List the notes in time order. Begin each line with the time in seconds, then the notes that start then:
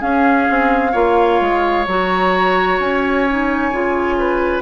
0.00 C#4 G#4 F5
0.50 C4
0.92 A#3 F4 C#5
1.40 G#3
1.87 F#3 F#4 A#5
2.79 C#4 G#5
3.30 D#4
3.72 C#3 F4
4.18 B4